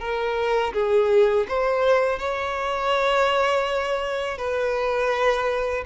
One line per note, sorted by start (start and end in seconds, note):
0.00 0.73 A#4
0.74 1.47 G#4
1.48 2.19 C5
2.19 4.38 C#5
4.38 5.84 B4